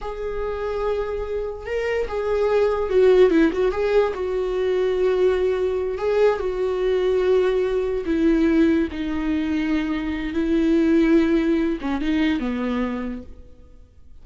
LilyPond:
\new Staff \with { instrumentName = "viola" } { \time 4/4 \tempo 4 = 145 gis'1 | ais'4 gis'2 fis'4 | e'8 fis'8 gis'4 fis'2~ | fis'2~ fis'8 gis'4 fis'8~ |
fis'2.~ fis'8 e'8~ | e'4. dis'2~ dis'8~ | dis'4 e'2.~ | e'8 cis'8 dis'4 b2 | }